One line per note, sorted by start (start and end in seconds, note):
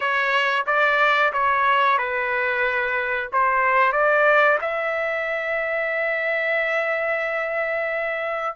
0.00 0.65 C#5
0.66 1.32 D5
1.32 1.98 C#5
1.98 3.29 B4
3.32 3.92 C5
3.92 4.58 D5
4.61 8.56 E5